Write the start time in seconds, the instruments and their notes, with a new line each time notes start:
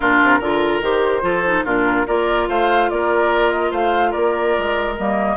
0.00 bassoon A#2, clarinet D4, oboe F4, flute A#4
0.22 bassoon C3
0.39 bassoon D3, clarinet F4, oboe A#4
0.81 bassoon D#3, clarinet G4, flute C5
1.21 bassoon F3, clarinet F4, oboe A4
1.45 clarinet D#4
1.64 bassoon A#2, clarinet D4, oboe F4, flute A#4
2.06 bassoon A#3, clarinet F4, oboe A#4, flute D5
2.48 bassoon A3, oboe C5, flute F5
2.89 bassoon A#3, oboe A#4, flute D5
3.51 flute D#5
3.70 bassoon A3, oboe C5, flute F5
4.10 bassoon A#3, oboe A#4, flute D5
4.57 bassoon G#3
4.97 bassoon G3, clarinet A#3, flute D#5